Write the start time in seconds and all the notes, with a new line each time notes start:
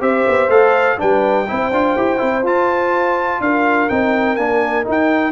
0.00 C4 G4 C5 E5
0.28 B3
0.48 A3 A4 F5
0.97 G3 D4 B4 G5
1.47 C4 E4 C5
1.71 D4 F4
1.96 E4 G4
2.17 C4 E4
2.42 F4 A5
3.40 D4 A#4 F5
3.89 C4 D#4 G5
4.35 A#3 D4 G#5
4.84 D#4
4.91 G5